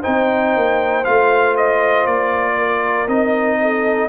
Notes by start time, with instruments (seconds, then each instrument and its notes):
0.00 trombone D#4, horn C5, trumpet G5
0.06 tuba C4
0.56 tuba A#3
1.04 tuba A3, trombone F4, trumpet F5
1.57 trumpet D#5
2.06 tuba A#3, trumpet D5
2.58 horn A#4
3.07 tuba C4, trombone D#4, trumpet D#5
3.61 horn A4